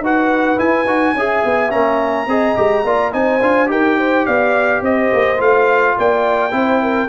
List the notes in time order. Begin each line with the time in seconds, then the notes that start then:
0.00 D#4 F#4 B4 F#5
0.57 E4 G#5
0.85 D#4 F#4
1.14 C#4 G#4 E5
1.44 B3
1.70 A#3 C#4 A#5
2.26 C4 G#4 D#5
2.55 G#3 G4
2.84 A#3 F4 D5
3.12 C4 D#4 C5 G#5
3.41 D4 F4
3.67 D#4 G4 A#4 G5
3.97 C5
4.26 B3 D5 F5
4.81 C4 C5 D#5
5.13 A#3
5.37 A3 F4 F5
5.97 A#3 D5 G5
6.51 C4 E4 C5
6.82 A#4